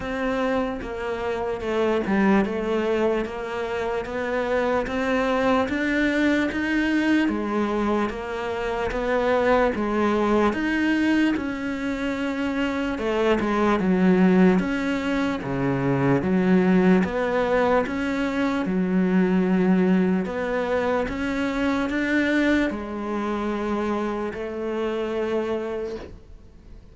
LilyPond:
\new Staff \with { instrumentName = "cello" } { \time 4/4 \tempo 4 = 74 c'4 ais4 a8 g8 a4 | ais4 b4 c'4 d'4 | dis'4 gis4 ais4 b4 | gis4 dis'4 cis'2 |
a8 gis8 fis4 cis'4 cis4 | fis4 b4 cis'4 fis4~ | fis4 b4 cis'4 d'4 | gis2 a2 | }